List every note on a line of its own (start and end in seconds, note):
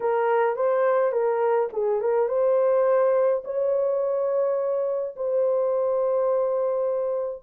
0.00 0.56 A#4
0.56 1.11 C5
1.11 1.69 A#4
1.72 2.01 G#4
2.01 2.28 A#4
2.28 3.42 C5
3.44 5.15 C#5
5.16 7.43 C5